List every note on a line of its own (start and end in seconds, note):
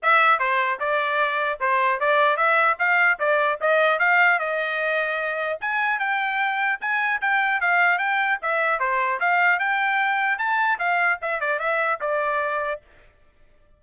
0.02 0.39 E5
0.39 0.79 C5
0.79 1.59 D5
1.60 1.99 C5
1.99 2.36 D5
2.36 2.76 E5
2.78 3.18 F5
3.19 3.59 D5
3.60 3.99 D#5
3.99 4.39 F5
4.39 5.59 D#5
5.60 5.99 G#5
5.99 6.79 G5
6.80 7.20 G#5
7.21 7.60 G5
7.60 7.98 F5
7.98 8.38 G5
8.41 8.79 E5
8.79 9.19 C5
9.19 9.59 F5
9.59 10.38 G5
10.38 10.78 A5
10.78 11.18 F5
11.21 11.40 E5
11.40 11.59 D5
11.59 11.99 E5
12.00 12.80 D5